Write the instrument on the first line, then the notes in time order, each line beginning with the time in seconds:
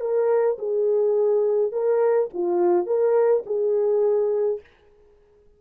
horn
0.00 A#4
0.58 G#4
1.72 A#4
2.34 F4
2.86 A#4
3.46 G#4